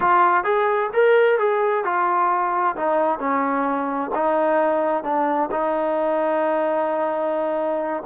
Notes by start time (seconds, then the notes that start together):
0.00 F4
0.44 G#4
0.93 A#4
1.38 G#4
1.84 F4
2.76 D#4
3.19 C#4
4.14 D#4
5.03 D4
5.51 D#4